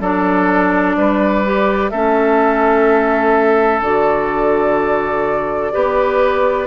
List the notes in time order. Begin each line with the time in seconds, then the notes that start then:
0.00 F#3 D4 A4 D5
0.96 G3 B4
1.44 G4
1.90 A3 C#4 A4 E5
3.81 D3 F#4 D5
5.72 B3 G4 B4